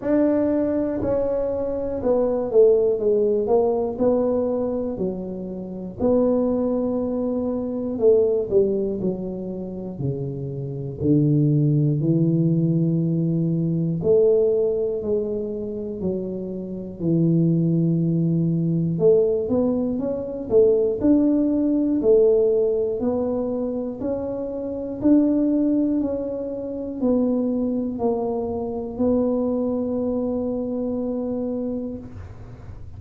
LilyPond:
\new Staff \with { instrumentName = "tuba" } { \time 4/4 \tempo 4 = 60 d'4 cis'4 b8 a8 gis8 ais8 | b4 fis4 b2 | a8 g8 fis4 cis4 d4 | e2 a4 gis4 |
fis4 e2 a8 b8 | cis'8 a8 d'4 a4 b4 | cis'4 d'4 cis'4 b4 | ais4 b2. | }